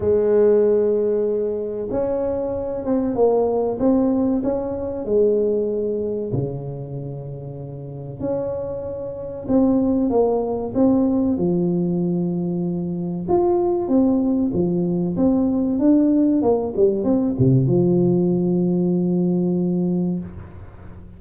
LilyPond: \new Staff \with { instrumentName = "tuba" } { \time 4/4 \tempo 4 = 95 gis2. cis'4~ | cis'8 c'8 ais4 c'4 cis'4 | gis2 cis2~ | cis4 cis'2 c'4 |
ais4 c'4 f2~ | f4 f'4 c'4 f4 | c'4 d'4 ais8 g8 c'8 c8 | f1 | }